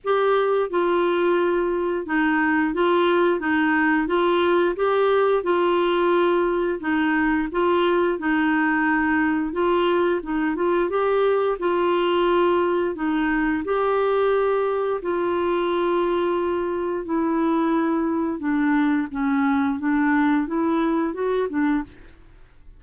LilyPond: \new Staff \with { instrumentName = "clarinet" } { \time 4/4 \tempo 4 = 88 g'4 f'2 dis'4 | f'4 dis'4 f'4 g'4 | f'2 dis'4 f'4 | dis'2 f'4 dis'8 f'8 |
g'4 f'2 dis'4 | g'2 f'2~ | f'4 e'2 d'4 | cis'4 d'4 e'4 fis'8 d'8 | }